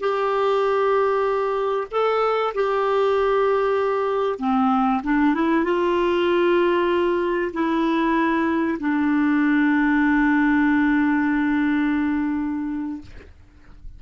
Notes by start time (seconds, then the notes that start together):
0.00 G4
1.91 A4
2.55 G4
4.39 C4
5.03 D4
5.34 E4
5.64 F4
7.53 E4
8.80 D4